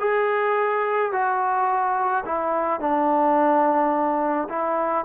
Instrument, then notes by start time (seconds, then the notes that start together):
trombone
0.00 G#4
1.12 F#4
2.26 E4
2.80 D4
4.49 E4